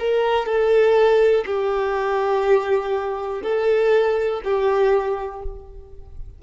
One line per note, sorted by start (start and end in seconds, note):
0.00 0.47 A#4
0.47 1.45 A4
1.46 3.43 G4
3.44 4.42 A4
4.45 5.43 G4